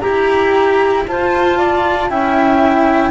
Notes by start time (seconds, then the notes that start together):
0.00 E4 G4 A#5
1.08 F4 C5 A5
1.58 D5
2.10 C#4 E4 E5 G5